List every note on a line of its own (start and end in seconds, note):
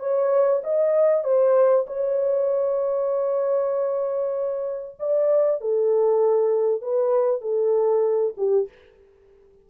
0.00 0.62 C#5
0.64 1.24 D#5
1.24 1.86 C5
1.87 4.97 C#5
5.00 5.61 D5
5.61 6.82 A4
6.82 7.42 B4
7.42 8.34 A4
8.38 8.69 G4